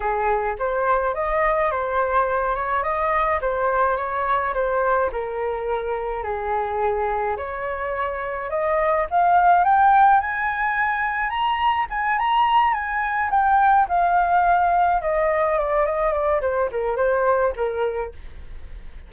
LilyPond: \new Staff \with { instrumentName = "flute" } { \time 4/4 \tempo 4 = 106 gis'4 c''4 dis''4 c''4~ | c''8 cis''8 dis''4 c''4 cis''4 | c''4 ais'2 gis'4~ | gis'4 cis''2 dis''4 |
f''4 g''4 gis''2 | ais''4 gis''8 ais''4 gis''4 g''8~ | g''8 f''2 dis''4 d''8 | dis''8 d''8 c''8 ais'8 c''4 ais'4 | }